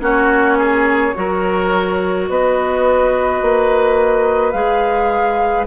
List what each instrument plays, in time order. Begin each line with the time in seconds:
0.00 bassoon A#3, clarinet C#4, oboe F#4, flute C#5
0.58 oboe G#4
1.14 bassoon F#3, clarinet F#4, oboe A#4
2.29 bassoon B3, oboe B4, flute D#5
3.42 bassoon A#3
4.52 bassoon G#3, clarinet G#4, flute F5